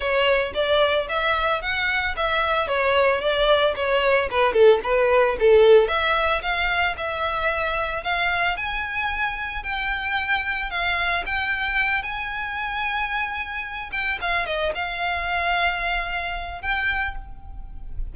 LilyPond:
\new Staff \with { instrumentName = "violin" } { \time 4/4 \tempo 4 = 112 cis''4 d''4 e''4 fis''4 | e''4 cis''4 d''4 cis''4 | b'8 a'8 b'4 a'4 e''4 | f''4 e''2 f''4 |
gis''2 g''2 | f''4 g''4. gis''4.~ | gis''2 g''8 f''8 dis''8 f''8~ | f''2. g''4 | }